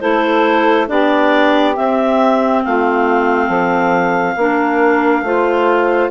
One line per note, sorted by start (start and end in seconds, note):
0.00 0.90 A3
0.00 0.88 E4
0.00 0.88 A4
0.00 0.87 C5
0.88 1.77 B3
0.88 1.75 D4
0.88 2.63 G4
0.88 1.76 D5
1.76 4.38 C4
1.76 2.65 C4
1.76 2.63 E5
2.64 3.49 A3
2.64 3.46 F4
2.64 6.11 F5
3.46 4.36 F3
3.46 4.33 A4
4.37 5.22 A#3
4.37 5.25 D4
4.37 5.24 A#4
5.22 6.09 A3
5.22 6.11 F4
5.22 6.11 C5